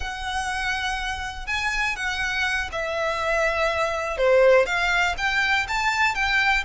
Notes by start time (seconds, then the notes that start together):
0.00 F#5
1.46 G#5
1.96 F#5
2.72 E5
4.17 C5
4.66 F5
5.17 G5
5.67 A5
6.15 G5